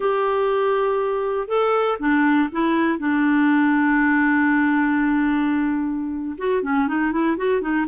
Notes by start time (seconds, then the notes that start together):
0.00 G4
1.47 A4
1.99 D4
2.52 E4
2.98 D4
6.38 F#4
6.62 C#4
6.88 D#4
7.11 E4
7.37 F#4
7.61 D#4